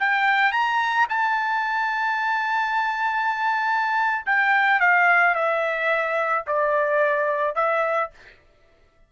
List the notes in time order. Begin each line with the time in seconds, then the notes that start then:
0.00 G5
0.52 A#5
1.09 A5
4.26 G5
4.80 F5
5.35 E5
6.47 D5
7.56 E5